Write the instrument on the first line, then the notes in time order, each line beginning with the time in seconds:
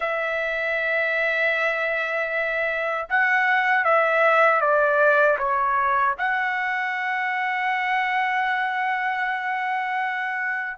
trumpet
0.00 E5
3.09 F#5
3.84 E5
4.60 D5
5.38 C#5
6.18 F#5